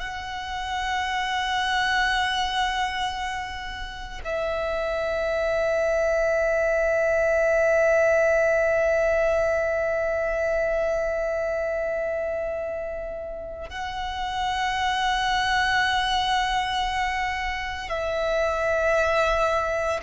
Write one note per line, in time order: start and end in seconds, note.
0.00 4.21 F#5
4.25 13.70 E5
13.70 17.89 F#5
17.89 20.00 E5